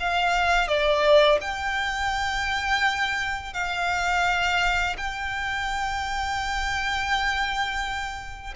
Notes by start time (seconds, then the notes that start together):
0.00 F5
0.68 D5
1.41 G5
3.54 F5
4.97 G5